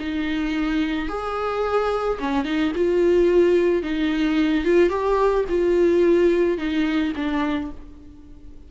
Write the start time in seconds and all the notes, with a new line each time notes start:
0.00 D#4
1.09 G#4
2.20 C#4
2.45 D#4
2.76 F4
3.83 D#4
4.65 F4
4.90 G4
5.49 F4
6.58 D#4
7.16 D4